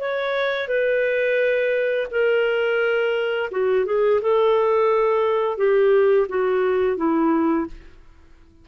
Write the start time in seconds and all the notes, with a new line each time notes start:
0.00 C#5
0.68 B4
2.11 A#4
3.51 F#4
3.86 G#4
4.21 A4
5.58 G4
6.29 F#4
6.97 E4